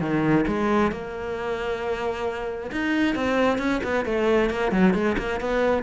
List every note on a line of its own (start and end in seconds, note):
0.00 0.45 D#3
0.47 0.91 G#3
0.91 2.70 A#3
2.71 3.15 D#4
3.15 3.58 C4
3.58 3.80 C#4
3.83 4.05 B3
4.05 4.50 A3
4.50 4.71 A#3
4.71 4.94 F#3
4.94 5.16 G#3
5.18 5.40 A#3
5.40 5.83 B3